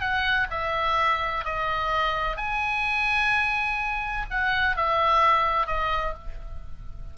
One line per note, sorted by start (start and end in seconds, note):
0.00 0.47 F#5
0.50 1.45 E5
1.45 2.37 D#5
2.37 4.26 G#5
4.31 4.77 F#5
4.77 5.67 E5
5.67 6.14 D#5